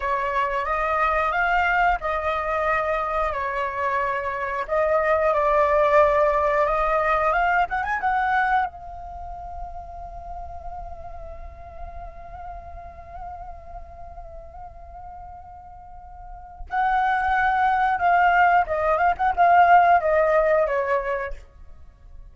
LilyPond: \new Staff \with { instrumentName = "flute" } { \time 4/4 \tempo 4 = 90 cis''4 dis''4 f''4 dis''4~ | dis''4 cis''2 dis''4 | d''2 dis''4 f''8 fis''16 gis''16 | fis''4 f''2.~ |
f''1~ | f''1~ | f''4 fis''2 f''4 | dis''8 f''16 fis''16 f''4 dis''4 cis''4 | }